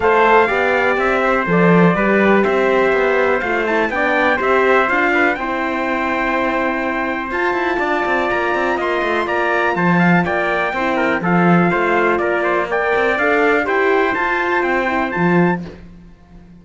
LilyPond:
<<
  \new Staff \with { instrumentName = "trumpet" } { \time 4/4 \tempo 4 = 123 f''2 e''4 d''4~ | d''4 e''2 f''8 a''8 | g''4 e''4 f''4 g''4~ | g''2. a''4~ |
a''4 ais''4 c'''4 ais''4 | a''4 g''2 f''4~ | f''4 d''4 g''4 f''4 | g''4 a''4 g''4 a''4 | }
  \new Staff \with { instrumentName = "trumpet" } { \time 4/4 c''4 d''4. c''4. | b'4 c''2. | d''4 c''4. b'8 c''4~ | c''1 |
d''2 dis''4 d''4 | c''8 f''8 d''4 c''8 ais'8 a'4 | c''4 ais'8 c''8 d''2 | c''1 | }
  \new Staff \with { instrumentName = "horn" } { \time 4/4 a'4 g'2 a'4 | g'2. f'8 e'8 | d'4 g'4 f'4 e'4~ | e'2. f'4~ |
f'1~ | f'2 e'4 f'4~ | f'2 ais'4 a'4 | g'4 f'4. e'8 f'4 | }
  \new Staff \with { instrumentName = "cello" } { \time 4/4 a4 b4 c'4 f4 | g4 c'4 b4 a4 | b4 c'4 d'4 c'4~ | c'2. f'8 e'8 |
d'8 c'8 ais8 c'8 ais8 a8 ais4 | f4 ais4 c'4 f4 | a4 ais4. c'8 d'4 | e'4 f'4 c'4 f4 | }
>>